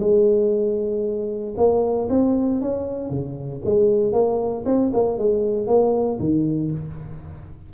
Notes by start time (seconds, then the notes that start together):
0.00 G#3
1.57 A#3
2.10 C4
2.62 C#4
3.11 C#3
3.65 G#3
4.13 A#3
4.66 C4
4.94 A#3
5.19 G#3
5.67 A#3
6.20 D#3